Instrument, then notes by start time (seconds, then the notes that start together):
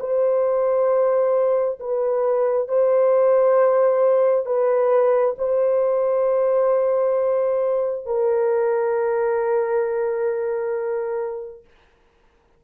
horn
0.00 C5
1.80 B4
2.69 C5
4.46 B4
5.39 C5
8.06 A#4